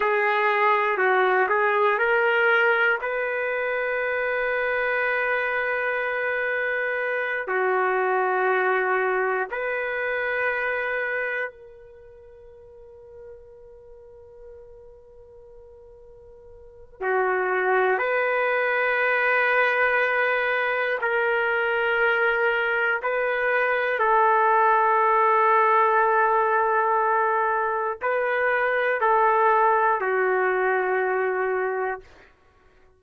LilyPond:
\new Staff \with { instrumentName = "trumpet" } { \time 4/4 \tempo 4 = 60 gis'4 fis'8 gis'8 ais'4 b'4~ | b'2.~ b'8 fis'8~ | fis'4. b'2 ais'8~ | ais'1~ |
ais'4 fis'4 b'2~ | b'4 ais'2 b'4 | a'1 | b'4 a'4 fis'2 | }